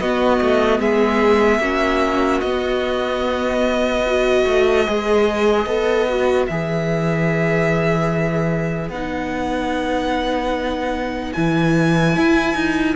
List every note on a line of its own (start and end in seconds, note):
0.00 0.41 B3
0.00 1.62 B3
0.00 0.81 F#4
0.00 0.81 D#5
0.41 0.80 A3
0.80 1.60 G#3
0.80 1.62 G#4
0.80 2.41 E5
1.60 2.41 A#3
1.60 2.43 C#4
1.60 4.05 F#4
2.41 4.45 B3
2.41 4.07 B3
2.41 6.46 D#5
4.05 4.87 F#4
4.05 12.97 B4
4.47 4.87 A3
4.87 5.66 G#3
4.87 5.68 G#4
5.66 6.47 B3
5.66 6.08 A4
6.09 6.49 F#4
6.47 8.89 E3
6.47 8.94 G#4
6.47 8.90 E5
8.89 11.32 B3
8.89 11.35 D#4
8.89 11.33 F#5
11.33 12.17 E3
11.33 12.97 E4
11.33 12.95 G#5
12.17 12.56 E4
12.56 12.96 D#4